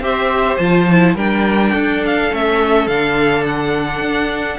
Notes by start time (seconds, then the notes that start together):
0.00 C4 G4 C5 E5
0.57 F3 F4 A5
0.91 E4
1.15 G3 D4 A#4 G5
1.72 D4 A4
2.06 F5
2.31 A3 C#4 E5
2.87 D3 D4 F5
3.46 F#5
4.01 D4